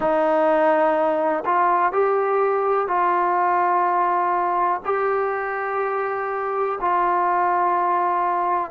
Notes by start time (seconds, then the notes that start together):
0.00 D#4
1.45 F4
1.92 G4
2.87 F4
4.85 G4
6.80 F4